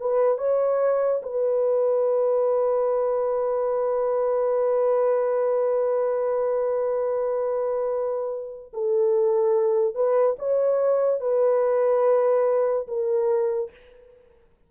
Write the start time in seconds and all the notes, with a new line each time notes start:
0.00 B4
0.38 C#5
1.22 B4
8.73 A4
9.95 B4
10.39 C#5
11.21 B4
12.88 A#4